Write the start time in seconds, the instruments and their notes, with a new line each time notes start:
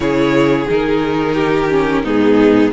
0.00 cello C#3, viola E4, violin G#4 C#5
0.69 cello D#3, viola D#4, violin A#4
1.34 violin G4
1.70 viola C#4
2.04 cello G#2, viola B3, violin D#4 G#4